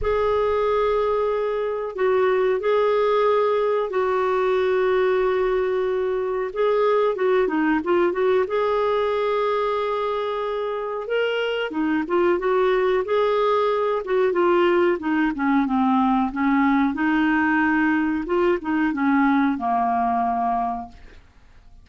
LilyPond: \new Staff \with { instrumentName = "clarinet" } { \time 4/4 \tempo 4 = 92 gis'2. fis'4 | gis'2 fis'2~ | fis'2 gis'4 fis'8 dis'8 | f'8 fis'8 gis'2.~ |
gis'4 ais'4 dis'8 f'8 fis'4 | gis'4. fis'8 f'4 dis'8 cis'8 | c'4 cis'4 dis'2 | f'8 dis'8 cis'4 ais2 | }